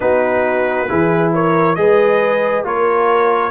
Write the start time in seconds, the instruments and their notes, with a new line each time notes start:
0.00 tuba B3, trombone D#4, horn F#4, trumpet B4
0.88 tuba E3, trombone E4, horn G#4
1.33 horn A#4, trumpet C#5
1.75 tuba G#3, trombone G#4, horn B4, trumpet D#5
2.63 tuba A#3, trombone F4, horn A#4, trumpet C#5